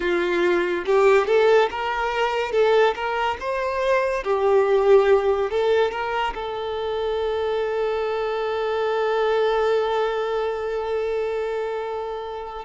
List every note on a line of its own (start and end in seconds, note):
0.00 0.85 F4
0.85 1.26 G4
1.26 1.69 A4
1.70 2.52 A#4
2.52 2.94 A4
2.95 3.37 A#4
3.40 4.23 C5
4.23 5.50 G4
5.50 5.91 A4
5.91 6.33 A#4
6.34 12.65 A4